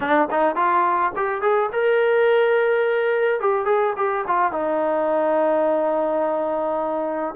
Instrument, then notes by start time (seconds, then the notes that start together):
trombone
0.00 D4
0.30 D#4
0.55 F4
1.16 G4
1.41 G#4
1.72 A#4
3.40 G4
3.65 G#4
3.96 G4
4.27 F4
4.52 D#4